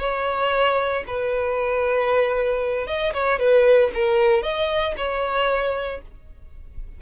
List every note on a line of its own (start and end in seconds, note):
0.00 1.04 C#5
1.07 2.87 B4
2.87 3.14 D#5
3.14 3.39 C#5
3.39 3.92 B4
3.95 4.43 A#4
4.43 4.95 D#5
4.98 6.02 C#5